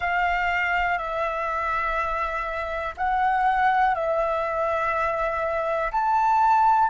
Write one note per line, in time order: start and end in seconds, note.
0.00 0.97 F5
0.97 2.94 E5
2.97 3.94 F#5
3.94 5.91 E5
5.91 6.89 A5